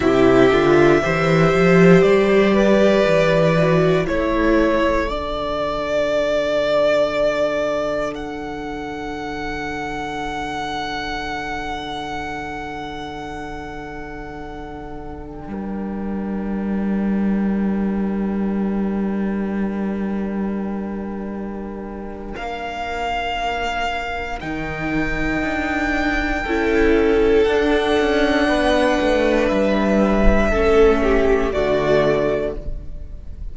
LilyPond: <<
  \new Staff \with { instrumentName = "violin" } { \time 4/4 \tempo 4 = 59 e''2 d''2 | cis''4 d''2. | fis''1~ | fis''2. g''4~ |
g''1~ | g''2 f''2 | g''2. fis''4~ | fis''4 e''2 d''4 | }
  \new Staff \with { instrumentName = "violin" } { \time 4/4 g'4 c''4. b'4. | a'1~ | a'1~ | a'2.~ a'16 ais'8.~ |
ais'1~ | ais'1~ | ais'2 a'2 | b'2 a'8 g'8 fis'4 | }
  \new Staff \with { instrumentName = "viola" } { \time 4/4 e'8 f'8 g'2~ g'8 fis'8 | e'4 d'2.~ | d'1~ | d'1~ |
d'1~ | d'1 | dis'2 e'4 d'4~ | d'2 cis'4 a4 | }
  \new Staff \with { instrumentName = "cello" } { \time 4/4 c8 d8 e8 f8 g4 e4 | a4 d2.~ | d1~ | d2.~ d16 g8.~ |
g1~ | g2 ais2 | dis4 d'4 cis'4 d'8 cis'8 | b8 a8 g4 a4 d4 | }
>>